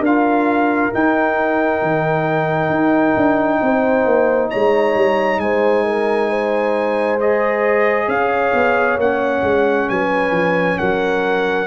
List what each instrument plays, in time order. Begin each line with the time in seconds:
0.00 tuba D4, horn A#4, trumpet F5
0.06 trombone F4
0.93 trombone D#4, tuba D#4, trumpet G5
1.82 tuba D#3
2.70 tuba D#4
3.16 tuba D4
3.62 tuba C4, horn C5
4.05 tuba A#3
4.50 tuba G#3, horn C#5, trumpet A#5
4.95 tuba G3
5.38 tuba G#3, horn C5, trumpet G#5
5.85 horn A#4
6.29 horn C5
7.20 trombone G#4, trumpet D#5
8.07 tuba C#4, horn C#5, trumpet F5
8.54 tuba B3
8.97 tuba A#3, trombone C#4, trumpet F#5
9.43 tuba G#3
9.89 tuba F#3, horn B4, trumpet G#5
10.31 tuba F3
10.79 tuba F#3, horn A#4, trumpet F#5